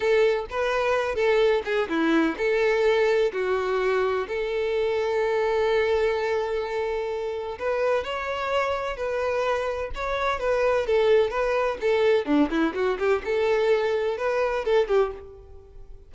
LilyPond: \new Staff \with { instrumentName = "violin" } { \time 4/4 \tempo 4 = 127 a'4 b'4. a'4 gis'8 | e'4 a'2 fis'4~ | fis'4 a'2.~ | a'1 |
b'4 cis''2 b'4~ | b'4 cis''4 b'4 a'4 | b'4 a'4 d'8 e'8 fis'8 g'8 | a'2 b'4 a'8 g'8 | }